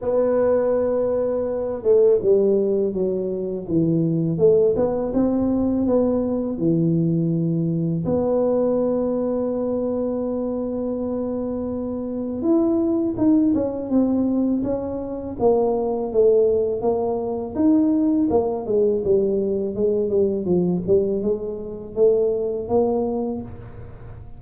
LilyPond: \new Staff \with { instrumentName = "tuba" } { \time 4/4 \tempo 4 = 82 b2~ b8 a8 g4 | fis4 e4 a8 b8 c'4 | b4 e2 b4~ | b1~ |
b4 e'4 dis'8 cis'8 c'4 | cis'4 ais4 a4 ais4 | dis'4 ais8 gis8 g4 gis8 g8 | f8 g8 gis4 a4 ais4 | }